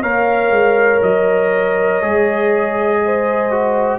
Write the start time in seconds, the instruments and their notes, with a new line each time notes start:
0.00 tuba A#3, trombone A#4, horn C#5, trumpet F5
0.50 tuba G#3
1.02 tuba F#3, trumpet D#5
2.01 tuba G#3, trombone G#4
3.04 horn C5
3.51 trombone F#4